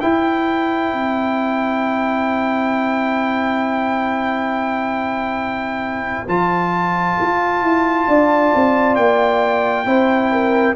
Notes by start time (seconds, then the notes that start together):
0.00 E4 C5 G5
0.92 C4
6.27 F3 F4 A5
7.21 F4
7.61 E4
8.07 D4 D5
8.55 C4
8.95 A#3 G5
9.85 C4 E4 C5
10.31 A#4